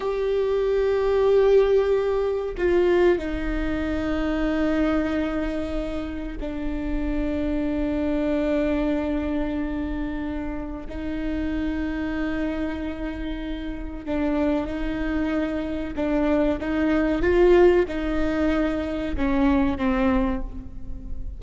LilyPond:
\new Staff \with { instrumentName = "viola" } { \time 4/4 \tempo 4 = 94 g'1 | f'4 dis'2.~ | dis'2 d'2~ | d'1~ |
d'4 dis'2.~ | dis'2 d'4 dis'4~ | dis'4 d'4 dis'4 f'4 | dis'2 cis'4 c'4 | }